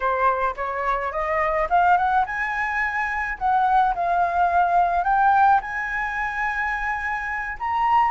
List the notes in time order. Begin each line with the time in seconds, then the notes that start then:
0.00 C5
0.56 C#5
1.11 D#5
1.69 F5
1.97 F#5
2.26 G#5
3.38 F#5
3.94 F5
5.04 G5
5.61 G#5
7.59 A#5